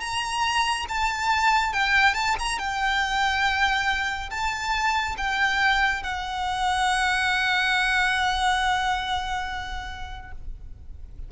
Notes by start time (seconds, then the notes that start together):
0.00 A#5
0.88 A5
1.73 G5
2.14 A5
2.39 A#5
2.58 G5
4.30 A5
5.17 G5
6.03 F#5